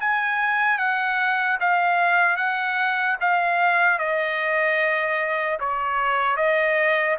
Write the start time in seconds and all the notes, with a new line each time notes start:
0.00 G#5
0.78 F#5
1.60 F5
2.37 F#5
3.20 F5
3.99 D#5
5.60 C#5
6.37 D#5